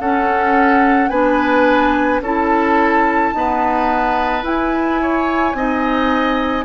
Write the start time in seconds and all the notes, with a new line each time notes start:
0.00 C#4 A4 F#5
1.09 B3 D4 B4 G#5
2.21 C#4 E4 A4 A5
3.33 B3 D#4 B4
4.44 E4 G#5
5.02 C#5
5.54 C4 D#4 D#5